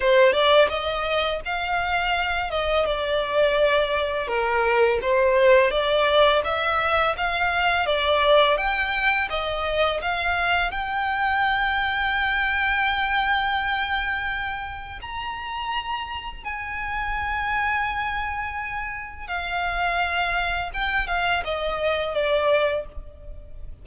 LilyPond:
\new Staff \with { instrumentName = "violin" } { \time 4/4 \tempo 4 = 84 c''8 d''8 dis''4 f''4. dis''8 | d''2 ais'4 c''4 | d''4 e''4 f''4 d''4 | g''4 dis''4 f''4 g''4~ |
g''1~ | g''4 ais''2 gis''4~ | gis''2. f''4~ | f''4 g''8 f''8 dis''4 d''4 | }